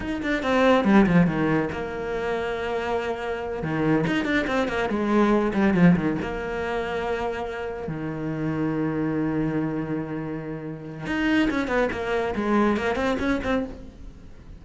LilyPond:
\new Staff \with { instrumentName = "cello" } { \time 4/4 \tempo 4 = 141 dis'8 d'8 c'4 g8 f8 dis4 | ais1~ | ais8 dis4 dis'8 d'8 c'8 ais8 gis8~ | gis4 g8 f8 dis8 ais4.~ |
ais2~ ais8 dis4.~ | dis1~ | dis2 dis'4 cis'8 b8 | ais4 gis4 ais8 c'8 cis'8 c'8 | }